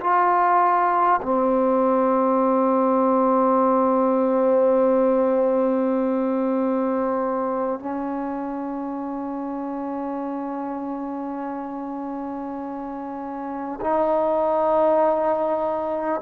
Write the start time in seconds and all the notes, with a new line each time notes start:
0.00 F4
1.22 C4
7.79 C#4
13.81 D#4